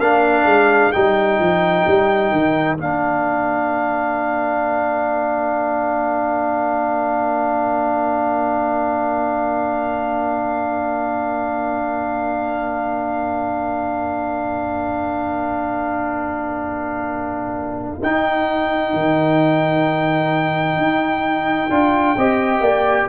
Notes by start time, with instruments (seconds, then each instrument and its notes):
0.00 tuba A#3, trombone D4, horn A#4, trumpet F5
0.46 tuba G#3
0.92 tuba G3, trombone D#4, trumpet G5
1.40 tuba F3
1.87 tuba G3
2.32 tuba D#3
2.77 tuba A#3, trombone D4, trumpet F5
18.02 tuba D#4, trombone D#4, trumpet G5
18.93 tuba D#3
20.78 tuba D#4
21.70 tuba D4, trombone F4
22.17 tuba C4, trombone G4, horn D#5
22.61 tuba A#3, horn D5